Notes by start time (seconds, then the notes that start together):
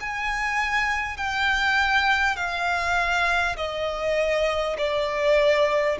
0.00 G#5
1.17 G5
2.36 F5
3.57 D#5
4.77 D5